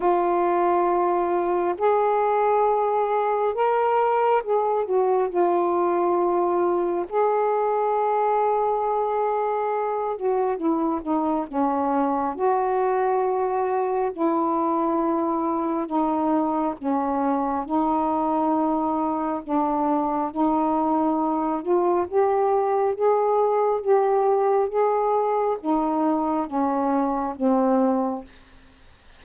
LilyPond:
\new Staff \with { instrumentName = "saxophone" } { \time 4/4 \tempo 4 = 68 f'2 gis'2 | ais'4 gis'8 fis'8 f'2 | gis'2.~ gis'8 fis'8 | e'8 dis'8 cis'4 fis'2 |
e'2 dis'4 cis'4 | dis'2 d'4 dis'4~ | dis'8 f'8 g'4 gis'4 g'4 | gis'4 dis'4 cis'4 c'4 | }